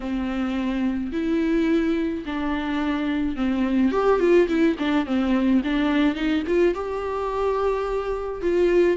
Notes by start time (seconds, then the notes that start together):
0.00 C4
1.12 E4
2.25 D4
3.36 C4
3.91 G4
4.19 F4
4.48 E4
4.78 D4
5.06 C4
5.64 D4
6.15 D#4
6.47 F4
6.74 G4
8.41 F4